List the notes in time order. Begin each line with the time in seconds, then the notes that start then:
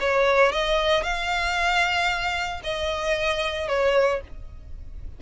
0.00 C#5
0.52 D#5
1.03 F5
2.63 D#5
3.68 C#5